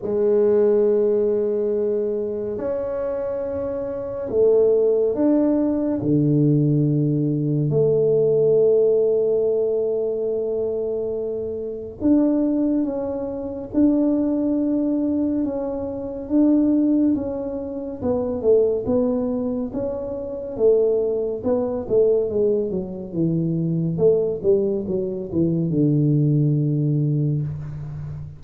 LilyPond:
\new Staff \with { instrumentName = "tuba" } { \time 4/4 \tempo 4 = 70 gis2. cis'4~ | cis'4 a4 d'4 d4~ | d4 a2.~ | a2 d'4 cis'4 |
d'2 cis'4 d'4 | cis'4 b8 a8 b4 cis'4 | a4 b8 a8 gis8 fis8 e4 | a8 g8 fis8 e8 d2 | }